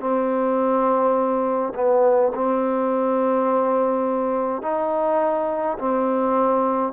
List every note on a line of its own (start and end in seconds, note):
0.00 1.73 C4
1.75 2.32 B3
2.35 4.62 C4
4.62 5.77 D#4
5.79 6.93 C4